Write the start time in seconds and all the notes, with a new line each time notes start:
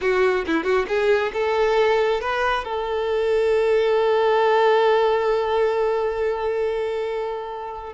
0.01 F#4
0.46 E4
0.64 F#4
0.87 G#4
1.33 A4
2.21 B4
2.64 A4